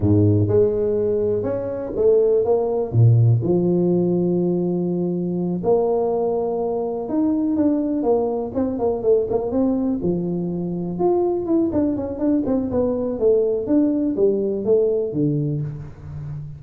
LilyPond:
\new Staff \with { instrumentName = "tuba" } { \time 4/4 \tempo 4 = 123 gis,4 gis2 cis'4 | a4 ais4 ais,4 f4~ | f2.~ f8 ais8~ | ais2~ ais8 dis'4 d'8~ |
d'8 ais4 c'8 ais8 a8 ais8 c'8~ | c'8 f2 f'4 e'8 | d'8 cis'8 d'8 c'8 b4 a4 | d'4 g4 a4 d4 | }